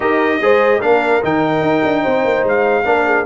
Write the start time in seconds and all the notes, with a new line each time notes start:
0.00 D#4 G4 A#4 D#5
0.40 G#3 G#4 C5
0.80 A#3 D4 A#4 F5
1.22 D#3 D#4 G5
1.61 D#4
1.84 D4
2.02 C4 C5
2.24 A#3
2.43 G#3 F5
2.84 A#3 D4 A#4
3.05 G#4